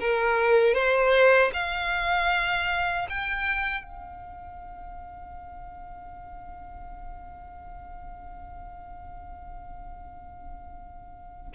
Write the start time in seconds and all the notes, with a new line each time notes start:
0.00 A#4
0.74 C5
1.53 F5
3.09 G5
3.83 F5